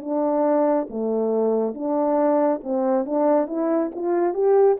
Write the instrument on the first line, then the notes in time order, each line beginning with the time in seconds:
horn
0.00 D4
0.90 A3
1.74 D4
2.63 C4
3.05 D4
3.47 E4
3.95 F4
4.34 G4